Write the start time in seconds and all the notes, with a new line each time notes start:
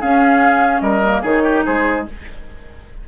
0.00 C#4 G#4 F5
0.80 G3 A#4 D#5
1.04 A#3
1.22 D#3 D#4 G#4 C#5
1.44 G4
1.65 G#3 G#4 C5